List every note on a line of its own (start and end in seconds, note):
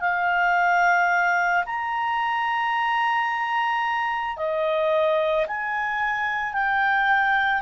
0.00 1.64 F5
1.65 4.37 A#5
4.37 5.46 D#5
5.47 6.53 G#5
6.53 7.62 G5